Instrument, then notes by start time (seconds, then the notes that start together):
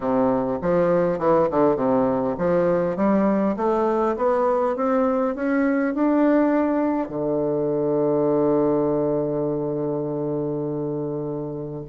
bassoon
0.00 C3
0.61 F3
1.19 E3
1.50 D3
1.76 C3
2.38 F3
2.96 G3
3.56 A3
4.16 B3
4.76 C4
5.35 C#4
5.94 D4
7.09 D3